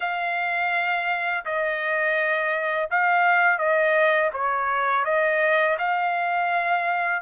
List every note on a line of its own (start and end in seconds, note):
0.00 1.45 F5
1.45 2.89 D#5
2.90 3.58 F5
3.58 4.30 D#5
4.33 5.04 C#5
5.04 5.77 D#5
5.78 7.22 F5